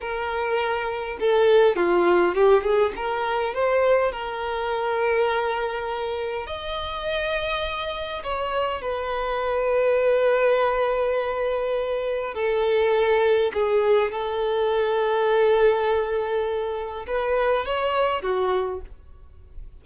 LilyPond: \new Staff \with { instrumentName = "violin" } { \time 4/4 \tempo 4 = 102 ais'2 a'4 f'4 | g'8 gis'8 ais'4 c''4 ais'4~ | ais'2. dis''4~ | dis''2 cis''4 b'4~ |
b'1~ | b'4 a'2 gis'4 | a'1~ | a'4 b'4 cis''4 fis'4 | }